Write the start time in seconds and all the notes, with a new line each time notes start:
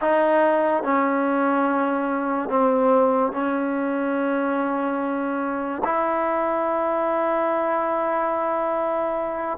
0.01 D#4
0.83 C#4
2.49 C4
3.32 C#4
5.84 E4